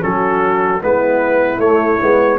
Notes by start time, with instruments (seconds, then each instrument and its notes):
0.00 tuba F#3, trombone C#4, horn F#4, trumpet A4
0.82 tuba G#3, trombone B3, horn E4, trumpet B4
1.58 tuba A3, trombone A3, trumpet C#5
2.00 tuba G#3, trombone B3